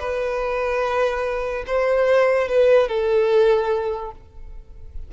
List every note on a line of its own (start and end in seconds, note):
0.00 1.64 B4
1.67 2.48 C5
2.48 2.88 B4
2.88 4.12 A4